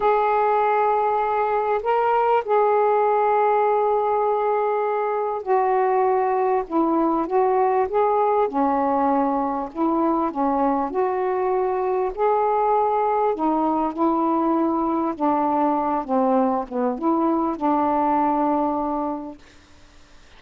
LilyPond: \new Staff \with { instrumentName = "saxophone" } { \time 4/4 \tempo 4 = 99 gis'2. ais'4 | gis'1~ | gis'4 fis'2 e'4 | fis'4 gis'4 cis'2 |
e'4 cis'4 fis'2 | gis'2 dis'4 e'4~ | e'4 d'4. c'4 b8 | e'4 d'2. | }